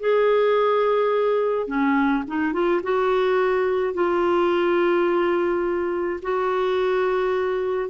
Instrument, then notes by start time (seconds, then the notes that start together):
clarinet
0.00 G#4
1.67 C#4
2.28 D#4
2.53 F4
2.83 F#4
3.94 F4
6.23 F#4